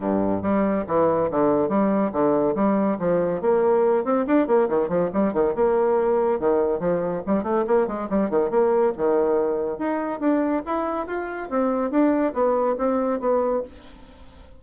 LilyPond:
\new Staff \with { instrumentName = "bassoon" } { \time 4/4 \tempo 4 = 141 g,4 g4 e4 d4 | g4 d4 g4 f4 | ais4. c'8 d'8 ais8 dis8 f8 | g8 dis8 ais2 dis4 |
f4 g8 a8 ais8 gis8 g8 dis8 | ais4 dis2 dis'4 | d'4 e'4 f'4 c'4 | d'4 b4 c'4 b4 | }